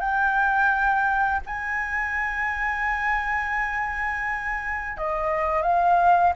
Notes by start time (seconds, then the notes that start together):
0.00 G5
1.47 G#5
4.98 D#5
5.63 F5